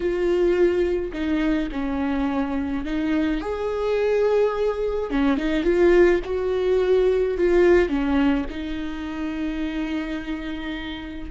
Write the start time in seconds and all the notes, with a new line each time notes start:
0.00 F4
1.12 D#4
1.71 C#4
2.85 D#4
3.40 G#4
5.10 C#4
5.37 D#4
5.63 F4
6.24 F#4
7.37 F4
7.88 C#4
8.50 D#4